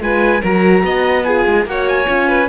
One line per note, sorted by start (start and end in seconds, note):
0.00 0.41 G#3
0.00 0.41 F4
0.00 0.41 B4
0.00 0.43 G#5
0.41 0.83 F#3
0.41 1.24 F#4
0.41 0.82 A#4
0.41 1.23 A#5
0.83 1.45 B3
0.83 1.26 D#5
1.23 1.66 F4
1.23 1.67 G#4
1.23 1.64 G#5
1.46 1.65 G#3
1.65 2.06 A#3
1.65 2.06 F#4
1.65 2.28 C#5
1.65 1.88 F#5
1.88 2.48 G#5
2.06 2.48 C#4
2.06 2.47 F4
2.28 2.48 B4